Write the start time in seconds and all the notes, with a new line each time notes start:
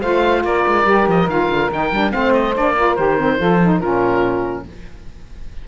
0.00 A3 F4 C5 F5
0.44 A#3 A#4 D5
0.67 G#3
0.84 G3 G4
1.07 F3 D#5
1.27 D#3 F4 F5
1.49 D3
1.71 D#3 D#4 G5
1.91 G3 D4
2.11 A3 C4 C5 F5
2.33 D#5
2.54 A#3 D4 D5
2.75 F4 A#4
2.95 D#3 G4 C5
3.18 C4
3.37 F3 F4 A4
3.62 D#4
3.78 A#2 C#4 F4 A#4